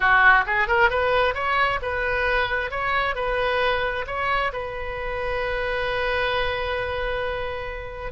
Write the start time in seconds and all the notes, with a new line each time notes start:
0.00 F#4
0.46 G#4
0.67 A#4
0.90 B4
1.34 C#5
1.82 B4
2.70 C#5
3.15 B4
4.06 C#5
4.52 B4